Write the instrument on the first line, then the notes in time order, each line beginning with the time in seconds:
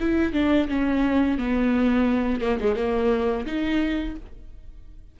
viola
0.00 E4
0.33 D4
0.68 C#4
1.38 B3
2.41 A#3
2.60 G#3
2.76 A#3
3.46 D#4